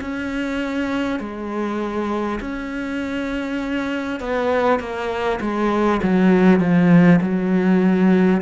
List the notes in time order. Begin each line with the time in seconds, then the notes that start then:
0.00 C#4
1.19 G#3
2.40 C#4
4.20 B3
4.79 A#3
5.40 G#3
6.03 F#3
6.60 F3
7.21 F#3